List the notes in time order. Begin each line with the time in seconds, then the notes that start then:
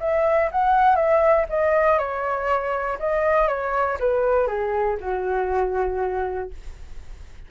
0.00 E5
0.52 F#5
0.96 E5
1.49 D#5
1.99 C#5
3.00 D#5
3.48 C#5
4.00 B4
4.47 G#4
5.01 F#4